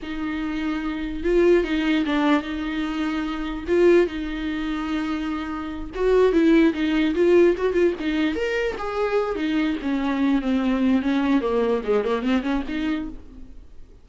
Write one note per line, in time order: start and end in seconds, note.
0.02 1.23 D#4
1.23 1.64 F4
1.64 2.04 D#4
2.05 2.42 D4
2.42 3.64 D#4
3.67 4.06 F4
4.06 5.90 D#4
5.94 6.32 F#4
6.32 6.73 E4
6.73 7.14 D#4
7.14 7.55 F4
7.57 7.73 F#4
7.73 7.93 F4
7.99 8.35 D#4
8.35 8.76 A#4
8.78 9.35 G#4
9.35 9.76 D#4
9.82 10.41 C#4
10.41 11.02 C4
11.02 11.41 C#4
11.41 11.82 A#3
11.84 12.04 G#3
12.04 12.22 A#3
12.22 12.42 C4
12.42 12.63 C#4
12.68 13.09 D#4